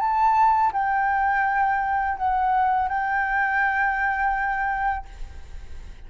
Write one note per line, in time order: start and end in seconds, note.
0.00 0.72 A5
0.73 2.18 G5
2.18 2.88 F#5
2.88 5.05 G5